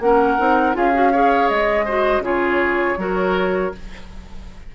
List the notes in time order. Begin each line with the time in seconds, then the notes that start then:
0.00 A#3 C#4 A#4 F#5
0.39 C4 D#4
0.74 C#4 F4 G#4 F5
0.94 F#4
1.12 G#4 C#5
1.49 G#3 D#5
1.85 F#4 C5
2.20 C#3 F4 G#4
2.27 C#5
2.98 F#3 F#4 A#4